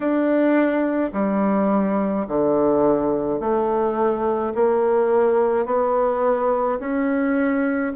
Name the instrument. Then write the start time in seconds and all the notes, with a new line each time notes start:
bassoon
0.00 D4
1.13 G3
2.27 D3
3.40 A3
4.54 A#3
5.65 B3
6.79 C#4